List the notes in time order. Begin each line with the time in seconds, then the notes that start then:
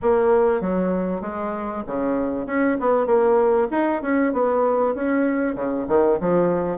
0.02 A#3
0.60 F#3
1.21 G#3
1.86 C#3
2.46 C#4
2.80 B3
3.06 A#3
3.71 D#4
4.01 C#4
4.32 B3
4.95 C#4
5.55 C#3
5.88 D#3
6.20 F3